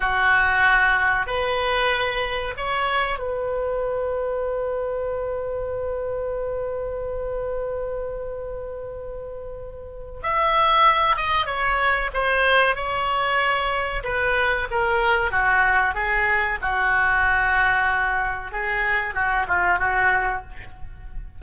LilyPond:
\new Staff \with { instrumentName = "oboe" } { \time 4/4 \tempo 4 = 94 fis'2 b'2 | cis''4 b'2.~ | b'1~ | b'1 |
e''4. dis''8 cis''4 c''4 | cis''2 b'4 ais'4 | fis'4 gis'4 fis'2~ | fis'4 gis'4 fis'8 f'8 fis'4 | }